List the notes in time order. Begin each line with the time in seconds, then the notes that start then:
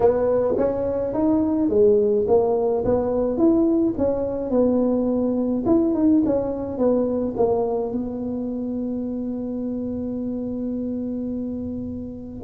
0.00 B3
0.57 C#4
1.13 D#4
1.69 G#3
2.27 A#3
2.84 B3
3.37 E4
3.97 C#4
4.50 B3
5.66 E4
5.94 D#4
6.25 C#4
6.77 B3
7.36 A#3
7.92 B3